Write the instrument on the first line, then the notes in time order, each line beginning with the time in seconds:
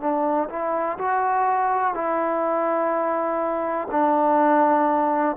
trombone
0.00 D4
0.49 E4
0.98 F#4
1.94 E4
3.91 D4